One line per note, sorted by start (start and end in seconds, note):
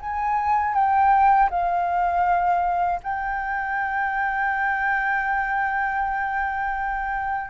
0.00 0.74 G#5
0.74 1.49 G5
1.50 3.00 F5
3.02 7.50 G5